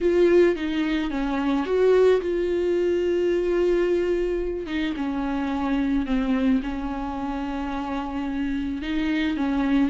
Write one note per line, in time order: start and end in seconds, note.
0.00 0.55 F4
0.55 1.10 D#4
1.10 1.65 C#4
1.65 2.20 F#4
2.21 4.66 F4
4.66 4.94 D#4
4.96 6.06 C#4
6.06 6.61 C4
6.63 8.81 C#4
8.81 9.37 D#4
9.37 9.89 C#4